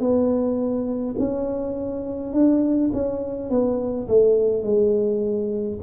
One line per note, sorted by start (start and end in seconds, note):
0.00 1.15 B3
1.19 2.33 C#4
2.33 2.91 D4
2.93 3.50 C#4
3.50 4.08 B3
4.08 4.64 A3
4.64 5.79 G#3